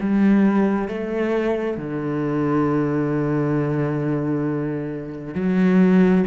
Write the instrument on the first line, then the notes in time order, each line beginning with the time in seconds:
cello
0.00 G3
0.88 A3
1.77 D3
5.34 F#3